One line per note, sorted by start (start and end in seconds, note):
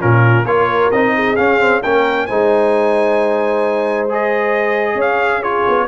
0.00 0.45 A#2
0.00 0.45 C#4
0.00 0.45 F4
0.00 0.46 A#4
0.45 0.90 A#3
0.45 0.92 F4
0.45 1.15 A#4
0.45 0.91 C#5
0.91 1.37 C4
0.91 1.37 D#4
0.91 1.36 D#5
1.15 1.83 G#4
1.36 1.59 C#4
1.36 1.83 C#4
1.36 1.81 F5
1.59 1.82 C4
1.83 2.29 A#3
1.83 2.30 C#4
1.83 2.27 A#4
1.83 2.26 G5
2.26 4.95 G#3
2.26 4.09 D#4
2.26 4.96 C5
2.26 4.07 G#5
4.09 5.43 G#4
4.09 5.01 D#5
4.95 5.63 C#4
4.95 5.40 C#5
4.95 5.43 F5
5.40 5.88 F4
5.40 5.85 G#4
5.40 5.88 C#5
5.68 5.88 B3